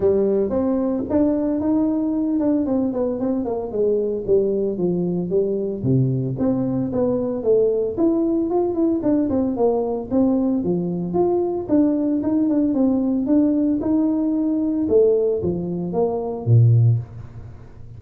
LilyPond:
\new Staff \with { instrumentName = "tuba" } { \time 4/4 \tempo 4 = 113 g4 c'4 d'4 dis'4~ | dis'8 d'8 c'8 b8 c'8 ais8 gis4 | g4 f4 g4 c4 | c'4 b4 a4 e'4 |
f'8 e'8 d'8 c'8 ais4 c'4 | f4 f'4 d'4 dis'8 d'8 | c'4 d'4 dis'2 | a4 f4 ais4 ais,4 | }